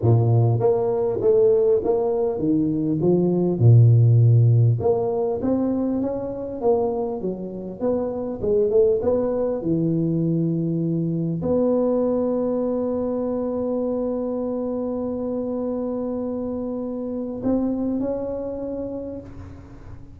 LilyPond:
\new Staff \with { instrumentName = "tuba" } { \time 4/4 \tempo 4 = 100 ais,4 ais4 a4 ais4 | dis4 f4 ais,2 | ais4 c'4 cis'4 ais4 | fis4 b4 gis8 a8 b4 |
e2. b4~ | b1~ | b1~ | b4 c'4 cis'2 | }